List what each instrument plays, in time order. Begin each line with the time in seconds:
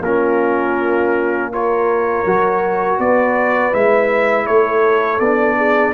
0.00 tuba A#3, trombone C#4, horn F4, trumpet A#4
1.52 trombone F4, horn A#4, trumpet C#5
2.26 tuba F#3, trombone F#4
2.98 tuba B3, horn B4, trumpet D5
3.73 tuba G#3, trombone E4, trumpet E5
4.46 tuba A3, horn A4, trumpet C#5
5.20 tuba B3, trombone D4, trumpet D5
5.57 horn G#4